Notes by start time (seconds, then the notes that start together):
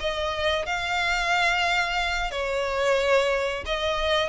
0.00 D#5
0.66 F5
2.31 C#5
3.66 D#5